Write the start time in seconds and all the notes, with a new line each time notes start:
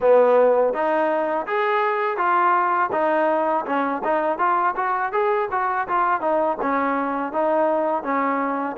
0.00 B3
0.73 D#4
1.46 G#4
2.17 F4
2.91 D#4
3.66 C#4
4.03 D#4
4.38 F4
4.76 F#4
5.12 G#4
5.51 F#4
5.87 F4
6.20 D#4
6.61 C#4
7.32 D#4
8.03 C#4